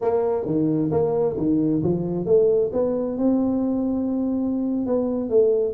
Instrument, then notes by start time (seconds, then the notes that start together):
tuba
0.01 A#3
0.45 D#3
0.91 A#3
1.37 D#3
1.83 F3
2.25 A3
2.72 B3
3.17 C4
4.86 B3
5.29 A3